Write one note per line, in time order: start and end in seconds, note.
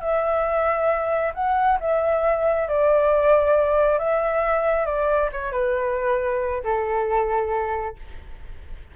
0.00 1.32 E5
1.34 1.78 F#5
1.80 2.68 E5
2.68 3.98 D5
3.98 4.85 E5
4.85 5.29 D5
5.32 5.51 C#5
5.51 6.62 B4
6.64 7.96 A4